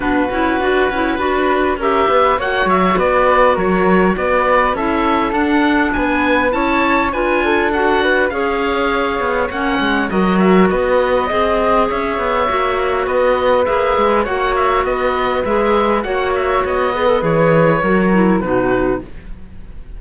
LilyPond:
<<
  \new Staff \with { instrumentName = "oboe" } { \time 4/4 \tempo 4 = 101 b'2. e''4 | fis''8 e''8 d''4 cis''4 d''4 | e''4 fis''4 gis''4 a''4 | gis''4 fis''4 f''2 |
fis''4 dis''8 e''8 dis''2 | e''2 dis''4 e''4 | fis''8 e''8 dis''4 e''4 fis''8 e''8 | dis''4 cis''2 b'4 | }
  \new Staff \with { instrumentName = "flute" } { \time 4/4 fis'2 b'4 ais'8 b'8 | cis''4 b'4 ais'4 b'4 | a'2 b'4 cis''4 | b'8 a'4 b'8 cis''2~ |
cis''4 ais'4 b'4 dis''4 | cis''2 b'2 | cis''4 b'2 cis''4~ | cis''8 b'4. ais'4 fis'4 | }
  \new Staff \with { instrumentName = "clarinet" } { \time 4/4 d'8 e'8 fis'8 e'8 fis'4 g'4 | fis'1 | e'4 d'2 e'4 | f'4 fis'4 gis'2 |
cis'4 fis'2 gis'4~ | gis'4 fis'2 gis'4 | fis'2 gis'4 fis'4~ | fis'8 gis'16 a'16 gis'4 fis'8 e'8 dis'4 | }
  \new Staff \with { instrumentName = "cello" } { \time 4/4 b8 cis'8 d'8 cis'8 d'4 cis'8 b8 | ais8 fis8 b4 fis4 b4 | cis'4 d'4 b4 cis'4 | d'2 cis'4. b8 |
ais8 gis8 fis4 b4 c'4 | cis'8 b8 ais4 b4 ais8 gis8 | ais4 b4 gis4 ais4 | b4 e4 fis4 b,4 | }
>>